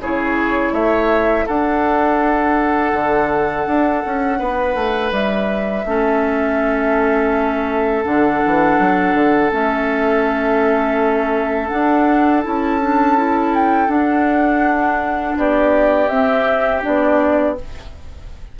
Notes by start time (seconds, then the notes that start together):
0.00 C#3 E4 G#4 C#5
0.73 A3 C#5 E5
1.46 D4 A4 F#5
2.93 D3
3.67 D4
4.06 C#4
4.39 B3 B4
4.75 A3
5.12 G3 E5
5.85 A3 C#4 A4
8.05 D3 D4 F#5
8.46 E3
8.80 F#3
9.14 D3
9.52 A3 C#4 E5
11.68 D4 F#5
12.44 C#4 E4 A5
12.82 D4
13.18 E4
13.55 G5
13.88 D4 F#5
15.37 B3 G4 D5
16.09 C4 E5
16.83 B3 D4 D5